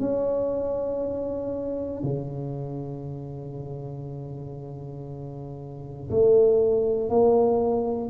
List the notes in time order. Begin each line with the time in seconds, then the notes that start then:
0.00 C#4
2.03 C#3
6.11 A3
7.10 A#3